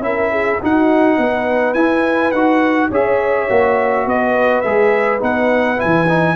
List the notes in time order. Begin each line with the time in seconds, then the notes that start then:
0.00 C#4 E4 A#4 E5
0.31 G#4
0.60 D#4 F#4 F#5
1.18 B3 B4
1.74 E4 G#5
2.32 D#4 F#4 F#5
2.90 C#4 G#4 C#5 E5
3.49 A#3 F#4
4.06 B3 B4 D#5
4.61 G#3 G#4 E5
5.19 B3 D#4 F#5
5.77 E4 G#5
5.85 E3
6.09 D#4